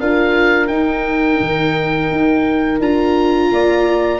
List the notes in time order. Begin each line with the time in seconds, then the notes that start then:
0.00 D4 F4 A#4 F5
0.67 D#4 G5
1.40 D#3
2.11 D#4
2.80 D4 F4 A#5
3.51 A#3 D5